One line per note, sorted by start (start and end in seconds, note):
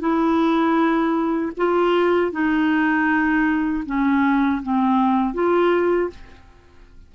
0.00 1.52 E4
1.57 2.32 F4
2.32 3.84 D#4
3.86 4.62 C#4
4.63 5.34 C4
5.34 6.10 F4